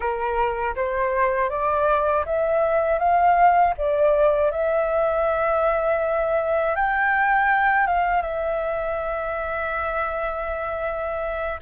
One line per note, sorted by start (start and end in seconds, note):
0.00 0.75 A#4
0.75 1.49 C5
1.49 2.24 D5
2.25 2.98 E5
2.98 3.73 F5
3.77 4.51 D5
4.51 6.75 E5
6.75 7.86 G5
7.86 8.22 F5
8.22 11.59 E5